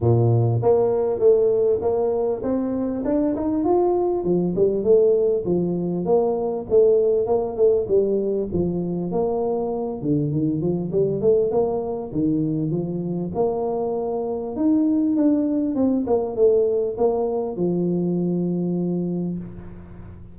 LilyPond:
\new Staff \with { instrumentName = "tuba" } { \time 4/4 \tempo 4 = 99 ais,4 ais4 a4 ais4 | c'4 d'8 dis'8 f'4 f8 g8 | a4 f4 ais4 a4 | ais8 a8 g4 f4 ais4~ |
ais8 d8 dis8 f8 g8 a8 ais4 | dis4 f4 ais2 | dis'4 d'4 c'8 ais8 a4 | ais4 f2. | }